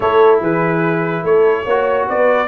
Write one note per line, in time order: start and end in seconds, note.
0.00 0.41 A3
0.00 1.66 E4
0.00 0.41 A4
0.00 0.39 C#5
0.41 1.23 E3
0.41 1.24 G#4
0.41 1.25 B4
1.23 1.64 A3
1.23 1.64 A4
1.23 2.07 C#5
1.64 2.06 A#3
1.64 2.47 F#4
1.64 2.05 C#5
2.08 2.47 B3
2.08 2.47 B4
2.08 2.47 D5